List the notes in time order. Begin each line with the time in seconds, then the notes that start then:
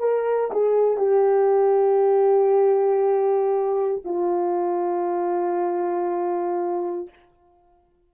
0.00 A#4
0.51 G#4
0.98 G4
4.04 F4